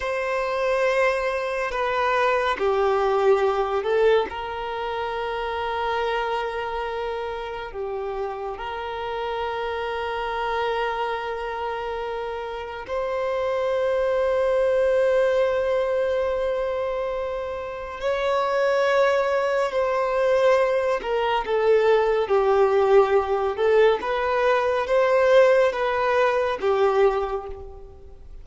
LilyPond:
\new Staff \with { instrumentName = "violin" } { \time 4/4 \tempo 4 = 70 c''2 b'4 g'4~ | g'8 a'8 ais'2.~ | ais'4 g'4 ais'2~ | ais'2. c''4~ |
c''1~ | c''4 cis''2 c''4~ | c''8 ais'8 a'4 g'4. a'8 | b'4 c''4 b'4 g'4 | }